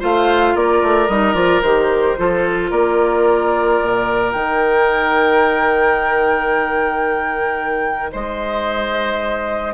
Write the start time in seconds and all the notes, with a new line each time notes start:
0.00 A3 F4 C5 F5
0.55 A#3 A#4 D5
0.83 A3
1.08 G3 D#4 D#5
1.34 F3 F4 D5
1.62 D#3 G4 C5
2.18 F3 F4 A4
2.71 A#3 A#4 D5
3.82 A#2
4.32 D#3 D#4 G5
8.12 G#3 C5 D#5